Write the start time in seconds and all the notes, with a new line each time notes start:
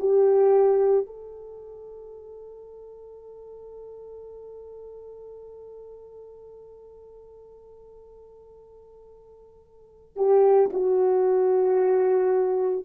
0.00 G4
1.07 A4
10.17 G4
10.73 F#4